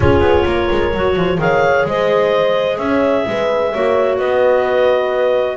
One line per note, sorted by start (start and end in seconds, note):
0.00 0.20 C#4
0.00 0.93 F4
0.00 0.46 G#4
0.00 1.40 C#5
0.20 0.43 B3
0.45 0.68 A#3
0.45 1.16 A#4
0.70 0.94 G#3
0.94 1.16 F#3
0.94 1.37 F#4
1.16 1.38 F3
1.16 1.40 C5
1.37 1.84 D#3
1.37 3.69 G#4
1.37 1.88 C#5
1.37 1.86 F5
1.85 2.77 G#3
1.85 2.78 C5
1.85 2.78 D#5
2.77 3.24 C#4
2.77 3.25 C#5
2.77 4.17 E5
3.27 3.73 G#3
3.27 3.72 B4
3.72 4.19 A#3
3.72 5.57 F#4
3.72 4.18 C#5
4.18 5.57 B3
4.18 5.57 B4
4.18 5.57 D#5